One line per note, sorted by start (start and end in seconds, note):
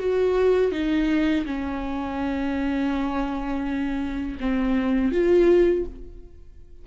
0.00 0.72 F#4
0.72 1.45 D#4
1.46 4.38 C#4
4.41 5.12 C4
5.12 5.85 F4